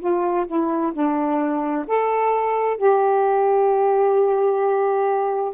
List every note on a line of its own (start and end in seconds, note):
0.00 0.46 F4
0.47 0.93 E4
0.94 1.86 D4
1.88 2.77 A4
2.77 5.54 G4